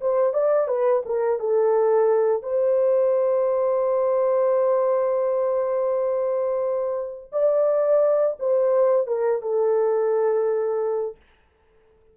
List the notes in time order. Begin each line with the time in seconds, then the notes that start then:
0.00 C5
0.33 D5
0.68 B4
1.05 A#4
1.39 A4
2.42 C5
7.32 D5
8.39 C5
9.07 A#4
9.42 A4